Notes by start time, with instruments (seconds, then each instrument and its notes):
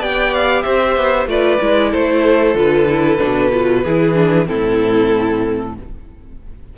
0.00 cello B3, viola G4, violin D5 G5
0.34 violin F5
0.62 cello C4, violin C5 E5
0.97 cello B3
1.26 cello A3, viola F4, violin B4 D5
1.61 cello G#3, viola E4
1.91 cello A3, violin A4 C5
2.55 cello D3, viola F4, violin B4
2.89 viola E4
3.19 cello B2, viola D4
3.53 viola F4
3.84 cello E3, viola E4, violin G#4
4.14 viola D4
4.45 cello A2, viola C4, violin E4 A4